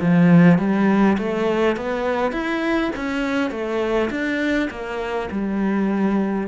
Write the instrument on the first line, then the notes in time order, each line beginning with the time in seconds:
cello
0.00 F3
0.58 G3
1.18 A3
1.76 B3
2.32 E4
2.96 C#4
3.50 A3
4.10 D4
4.70 A#3
5.31 G3